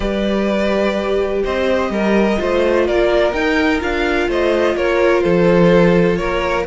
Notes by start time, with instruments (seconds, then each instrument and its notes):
0.00 cello G3, viola G4, violin B4 D5
1.43 cello C4, violin C5 D#5
1.90 cello G3, violin A#4
2.37 cello A3, viola F4, violin C5
2.87 cello A#3, violin A#4 D5
3.32 cello D#4, viola D#4, violin G5
3.80 cello D4, viola F4, violin F5
4.27 cello A3, violin C5 D#5
4.75 cello A#3, violin A#4 C#5
5.21 cello F3, violin A4 C5
6.16 cello A#3, violin A#4 C#5